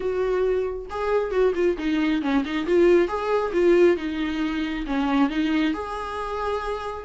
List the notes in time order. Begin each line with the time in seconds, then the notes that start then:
0.00 F#4
0.90 G#4
1.31 F#4
1.54 F4
1.78 D#4
2.22 C#4
2.44 D#4
2.66 F4
3.07 G#4
3.52 F4
3.96 D#4
4.86 C#4
5.29 D#4
5.73 G#4